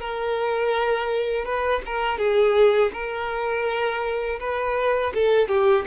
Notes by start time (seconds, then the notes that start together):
0.00 A#4
1.45 B4
1.86 A#4
2.18 G#4
2.93 A#4
4.40 B4
5.14 A4
5.48 G4